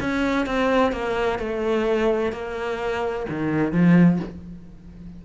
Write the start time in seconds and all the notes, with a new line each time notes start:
0.00 C#4
0.46 C4
0.92 A#3
1.38 A3
2.32 A#3
3.29 D#3
3.72 F3